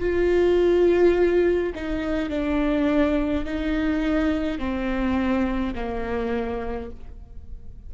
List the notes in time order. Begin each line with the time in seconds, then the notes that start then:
0.00 F4
1.75 D#4
2.30 D4
3.45 D#4
4.59 C4
5.75 A#3